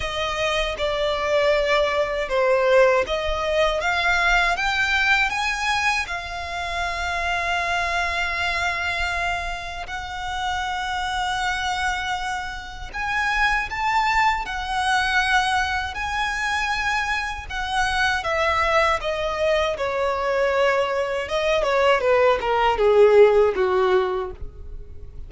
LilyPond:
\new Staff \with { instrumentName = "violin" } { \time 4/4 \tempo 4 = 79 dis''4 d''2 c''4 | dis''4 f''4 g''4 gis''4 | f''1~ | f''4 fis''2.~ |
fis''4 gis''4 a''4 fis''4~ | fis''4 gis''2 fis''4 | e''4 dis''4 cis''2 | dis''8 cis''8 b'8 ais'8 gis'4 fis'4 | }